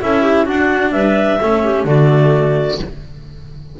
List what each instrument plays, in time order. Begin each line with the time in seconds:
0.00 double bass C#4, cello E4, clarinet A4 E5
0.22 clarinet G4
0.43 cello D4, double bass D4, clarinet F#4 F#5
0.91 double bass G3, clarinet B4 E5
1.40 double bass A3, cello C#4, clarinet A4
1.64 clarinet G4
1.84 double bass D3, cello A3, clarinet F#4 D5